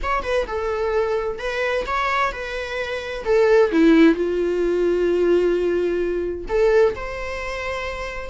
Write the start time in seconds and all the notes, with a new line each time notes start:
0.02 C#5
0.23 B4
0.47 A4
1.38 B4
1.86 C#5
2.32 B4
3.25 A4
3.71 E4
4.14 F4
6.48 A4
6.95 C5